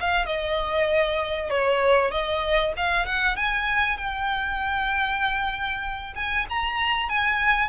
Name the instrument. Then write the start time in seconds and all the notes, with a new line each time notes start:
violin
0.00 F5
0.26 D#5
1.50 C#5
2.11 D#5
2.77 F5
3.06 F#5
3.36 G#5
3.97 G5
6.15 G#5
6.49 A#5
7.09 G#5